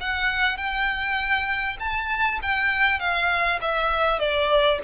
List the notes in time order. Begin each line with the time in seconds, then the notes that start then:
0.00 F#5
0.57 G5
1.79 A5
2.41 G5
2.99 F5
3.61 E5
4.19 D5